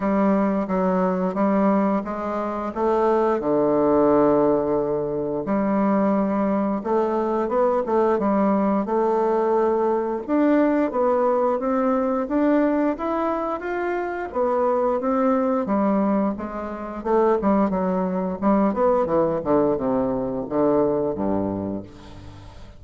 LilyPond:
\new Staff \with { instrumentName = "bassoon" } { \time 4/4 \tempo 4 = 88 g4 fis4 g4 gis4 | a4 d2. | g2 a4 b8 a8 | g4 a2 d'4 |
b4 c'4 d'4 e'4 | f'4 b4 c'4 g4 | gis4 a8 g8 fis4 g8 b8 | e8 d8 c4 d4 g,4 | }